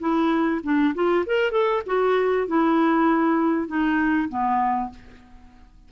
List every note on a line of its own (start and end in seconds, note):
0.00 0.61 E4
0.64 0.94 D4
0.95 1.25 F4
1.27 1.52 A#4
1.52 1.83 A4
1.86 2.48 F#4
2.48 3.68 E4
3.68 4.29 D#4
4.29 4.91 B3